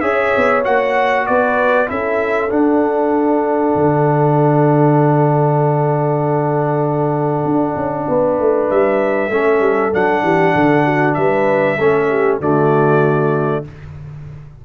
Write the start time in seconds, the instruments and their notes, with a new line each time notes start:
0.00 tuba C#4, trombone G#4, horn C#5, trumpet E5
0.36 tuba B3
0.63 tuba A#3, trombone F#4, trumpet F#5
1.26 tuba B3, horn B4, trumpet D5
1.87 tuba C#4, trombone E4, horn A4, trumpet E5
2.50 trombone D4, tuba D4, trumpet F#5
3.75 tuba D3
7.45 tuba D4
7.76 tuba C#4
8.08 tuba B3, horn B4
8.39 tuba A3
8.70 tuba G3, trumpet E5
9.29 tuba A3, trombone C#4, horn A4
9.60 tuba G3
9.92 tuba F#3, trombone D4, trumpet F#5
10.22 tuba E3, horn G4
10.54 tuba D3, horn A4
10.85 horn F#4
11.14 tuba G3, horn B4, trumpet E5
11.77 tuba A3, trombone C#4, horn A4
12.09 horn G4
12.39 tuba D3, trombone A3, horn F#4, trumpet D5